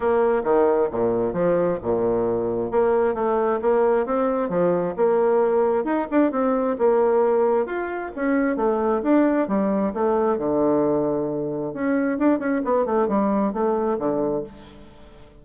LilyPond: \new Staff \with { instrumentName = "bassoon" } { \time 4/4 \tempo 4 = 133 ais4 dis4 ais,4 f4 | ais,2 ais4 a4 | ais4 c'4 f4 ais4~ | ais4 dis'8 d'8 c'4 ais4~ |
ais4 f'4 cis'4 a4 | d'4 g4 a4 d4~ | d2 cis'4 d'8 cis'8 | b8 a8 g4 a4 d4 | }